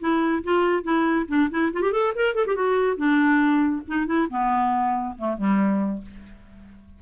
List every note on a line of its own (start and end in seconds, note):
0.00 0.43 E4
0.44 0.83 F4
0.83 1.26 E4
1.28 1.49 D4
1.50 1.72 E4
1.73 1.81 F4
1.81 1.92 G4
1.92 2.13 A4
2.15 2.35 A#4
2.35 2.45 A4
2.46 2.55 G4
2.55 2.96 F#4
2.96 3.82 D4
3.87 4.06 D#4
4.06 4.28 E4
4.30 5.15 B3
5.18 5.37 A3
5.37 6.01 G3